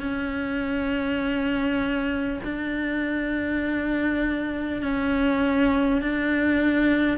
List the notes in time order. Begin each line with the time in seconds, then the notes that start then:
0.00 C#4
2.44 D4
4.82 C#4
6.02 D4